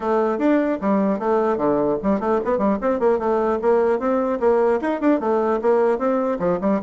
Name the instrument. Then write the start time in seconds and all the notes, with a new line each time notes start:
bassoon
0.00 A3
0.38 D4
0.81 G3
1.19 A3
1.57 D3
2.03 G3
2.19 A3
2.45 B3
2.58 G3
2.81 C4
2.99 A#3
3.19 A3
3.61 A#3
3.99 C4
4.40 A#3
4.81 D#4
5.00 D4
5.20 A3
5.61 A#3
5.98 C4
6.39 F3
6.61 G3